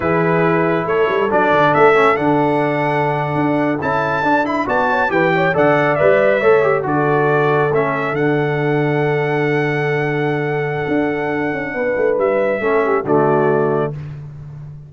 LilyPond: <<
  \new Staff \with { instrumentName = "trumpet" } { \time 4/4 \tempo 4 = 138 b'2 cis''4 d''4 | e''4 fis''2.~ | fis''8. a''4. b''8 a''4 g''16~ | g''8. fis''4 e''2 d''16~ |
d''4.~ d''16 e''4 fis''4~ fis''16~ | fis''1~ | fis''1 | e''2 d''2 | }
  \new Staff \with { instrumentName = "horn" } { \time 4/4 gis'2 a'2~ | a'1~ | a'2~ a'8. d''8 cis''8 b'16~ | b'16 cis''8 d''2 cis''4 a'16~ |
a'1~ | a'1~ | a'2. b'4~ | b'4 a'8 g'8 fis'2 | }
  \new Staff \with { instrumentName = "trombone" } { \time 4/4 e'2. d'4~ | d'8 cis'8 d'2.~ | d'8. e'4 d'8 e'8 fis'4 g'16~ | g'8. a'4 b'4 a'8 g'8 fis'16~ |
fis'4.~ fis'16 cis'4 d'4~ d'16~ | d'1~ | d'1~ | d'4 cis'4 a2 | }
  \new Staff \with { instrumentName = "tuba" } { \time 4/4 e2 a8 g8 fis8 d8 | a4 d2~ d8. d'16~ | d'8. cis'4 d'4 b4 e16~ | e8. d4 g4 a4 d16~ |
d4.~ d16 a4 d4~ d16~ | d1~ | d4 d'4. cis'8 b8 a8 | g4 a4 d2 | }
>>